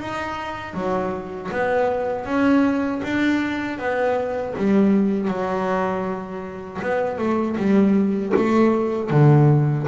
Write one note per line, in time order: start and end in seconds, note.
0.00 0.74 D#4
0.74 1.50 F#3
1.52 2.26 B3
2.26 3.02 C#4
3.04 3.79 D4
3.79 4.55 B3
4.58 5.29 G3
5.29 6.81 F#3
6.82 7.19 B3
7.19 7.57 A3
7.57 8.33 G3
8.37 9.11 A3
9.11 9.87 D3